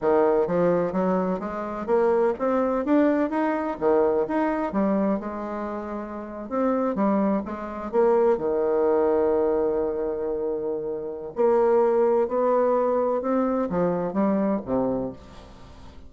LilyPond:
\new Staff \with { instrumentName = "bassoon" } { \time 4/4 \tempo 4 = 127 dis4 f4 fis4 gis4 | ais4 c'4 d'4 dis'4 | dis4 dis'4 g4 gis4~ | gis4.~ gis16 c'4 g4 gis16~ |
gis8. ais4 dis2~ dis16~ | dis1 | ais2 b2 | c'4 f4 g4 c4 | }